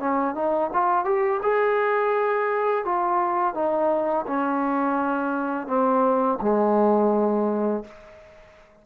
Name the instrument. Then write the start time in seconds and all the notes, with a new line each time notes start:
trombone
0.00 C#4
0.35 D#4
0.74 F4
1.05 G4
1.43 G#4
2.85 F4
3.55 D#4
4.27 C#4
5.68 C4
6.42 G#3